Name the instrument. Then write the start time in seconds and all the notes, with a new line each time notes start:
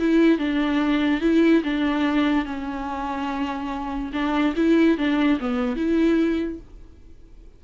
viola
0.00 E4
0.39 D4
1.21 E4
1.64 D4
2.46 C#4
4.13 D4
4.56 E4
4.98 D4
5.41 B3
5.77 E4